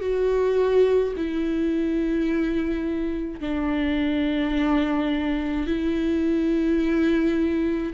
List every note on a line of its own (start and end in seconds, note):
0.00 1.13 F#4
1.16 3.40 E4
3.40 5.67 D4
5.67 7.93 E4